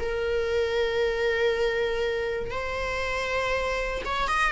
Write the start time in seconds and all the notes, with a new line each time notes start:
0.00 A#4
2.51 C5
4.05 C#5
4.28 D#5